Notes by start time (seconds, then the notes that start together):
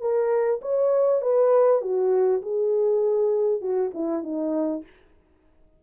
0.00 A#4
0.61 C#5
1.21 B4
1.81 F#4
2.42 G#4
3.61 F#4
3.94 E4
4.23 D#4